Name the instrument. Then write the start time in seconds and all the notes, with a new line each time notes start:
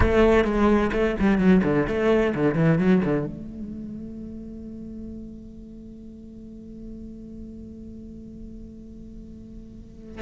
cello
0.00 A3
0.44 G#3
0.92 A3
1.19 G3
1.38 F#3
1.63 D3
1.87 A3
2.34 D3
2.55 E3
2.78 F#3
3.04 D3
3.26 A3